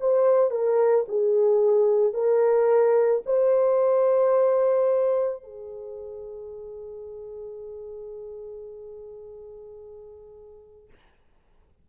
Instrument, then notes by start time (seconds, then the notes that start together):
horn
0.00 C5
0.50 A#4
1.08 G#4
2.13 A#4
3.25 C5
5.43 G#4